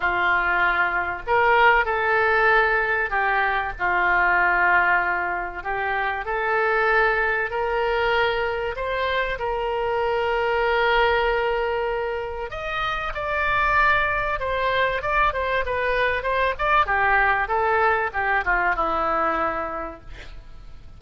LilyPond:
\new Staff \with { instrumentName = "oboe" } { \time 4/4 \tempo 4 = 96 f'2 ais'4 a'4~ | a'4 g'4 f'2~ | f'4 g'4 a'2 | ais'2 c''4 ais'4~ |
ais'1 | dis''4 d''2 c''4 | d''8 c''8 b'4 c''8 d''8 g'4 | a'4 g'8 f'8 e'2 | }